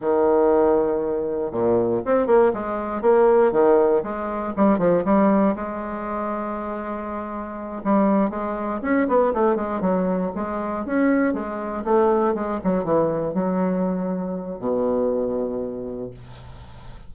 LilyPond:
\new Staff \with { instrumentName = "bassoon" } { \time 4/4 \tempo 4 = 119 dis2. ais,4 | c'8 ais8 gis4 ais4 dis4 | gis4 g8 f8 g4 gis4~ | gis2.~ gis8 g8~ |
g8 gis4 cis'8 b8 a8 gis8 fis8~ | fis8 gis4 cis'4 gis4 a8~ | a8 gis8 fis8 e4 fis4.~ | fis4 b,2. | }